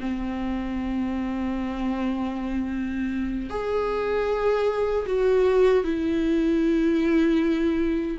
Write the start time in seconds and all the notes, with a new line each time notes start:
0.00 C4
3.50 G#4
5.06 F#4
5.83 E4